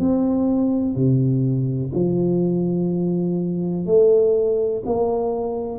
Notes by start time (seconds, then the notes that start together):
0.00 C4
0.95 C3
1.94 F3
3.86 A3
4.86 A#3